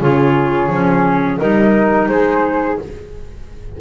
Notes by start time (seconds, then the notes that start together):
0.00 C#3 F4 G#4 C#5
0.68 F3 C#4
1.38 G3 D#4 A#4 D#5
2.08 G#3 G#4 C5